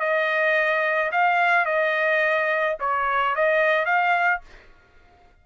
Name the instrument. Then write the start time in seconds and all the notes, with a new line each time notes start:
trumpet
0.00 D#5
1.12 F5
1.66 D#5
2.80 C#5
3.36 D#5
3.86 F5